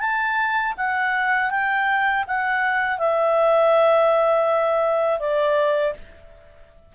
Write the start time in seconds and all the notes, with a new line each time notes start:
0.00 A5
0.77 F#5
1.51 G5
2.27 F#5
2.99 E5
5.20 D5